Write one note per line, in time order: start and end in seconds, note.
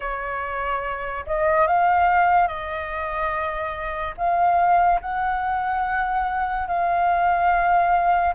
0.00 1.25 C#5
1.26 1.67 D#5
1.67 2.47 F5
2.47 4.14 D#5
4.17 5.00 F5
5.01 6.67 F#5
6.67 8.34 F5